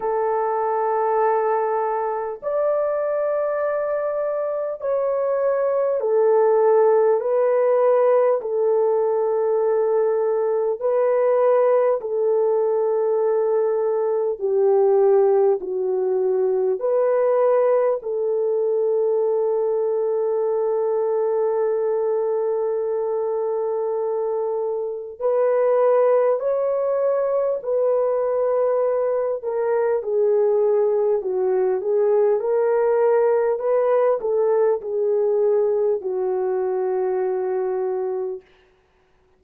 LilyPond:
\new Staff \with { instrumentName = "horn" } { \time 4/4 \tempo 4 = 50 a'2 d''2 | cis''4 a'4 b'4 a'4~ | a'4 b'4 a'2 | g'4 fis'4 b'4 a'4~ |
a'1~ | a'4 b'4 cis''4 b'4~ | b'8 ais'8 gis'4 fis'8 gis'8 ais'4 | b'8 a'8 gis'4 fis'2 | }